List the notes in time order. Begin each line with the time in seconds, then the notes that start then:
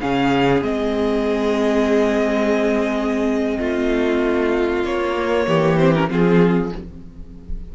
0.00 C#3 C#4 G#4 F5
0.61 G#3 C4 D#5
3.59 A3 F4
4.84 A#3 C#5
5.17 A#3
5.46 E3 G4
5.78 C4 C5
5.94 C#4 A#4
6.08 F3 C4 F4 G#4